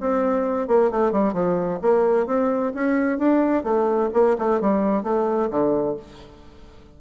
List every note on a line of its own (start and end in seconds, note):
0.00 0.67 C4
0.67 0.90 A#3
0.91 1.12 A3
1.12 1.33 G3
1.33 1.79 F3
1.81 2.26 A#3
2.26 2.73 C4
2.74 3.18 C#4
3.18 3.63 D4
3.63 4.10 A3
4.13 4.36 A#3
4.38 4.60 A3
4.60 5.03 G3
5.03 5.49 A3
5.50 5.96 D3